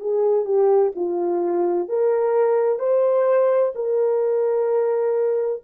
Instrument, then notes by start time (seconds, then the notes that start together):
horn
0.00 G#4
0.46 G4
0.95 F4
1.89 A#4
2.80 C5
3.75 A#4